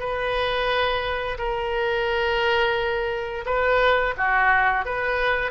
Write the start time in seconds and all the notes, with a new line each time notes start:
0.00 B4
1.38 A#4
3.46 B4
4.18 F#4
4.86 B4